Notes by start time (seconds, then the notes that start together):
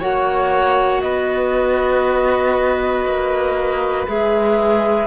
0.00 A#3 F#4 C#5 F#5
1.01 B3 B4 D#5
3.06 A#3
4.08 G#3 G#4 E5